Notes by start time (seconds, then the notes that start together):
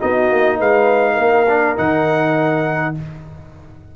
0.00 B3 D#4 F#4 D#5
0.31 A#3
0.59 G#3 B4 F5
1.14 A#3 A#4
1.48 D4
1.77 D#3 D#4 F#5